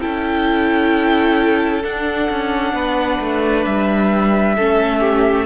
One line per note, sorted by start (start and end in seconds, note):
0.00 1.84 C#4
0.00 1.82 E4
0.00 2.73 A4
0.00 1.82 G5
1.84 2.29 D4
1.84 4.57 D4
1.84 3.65 F#5
2.30 2.73 C#4
2.73 3.18 B3
2.73 4.55 B4
3.20 3.65 A3
3.65 4.57 G3
3.65 5.45 E5
4.55 5.45 A3
4.55 5.45 C#4
4.55 5.00 A4
5.00 5.45 G4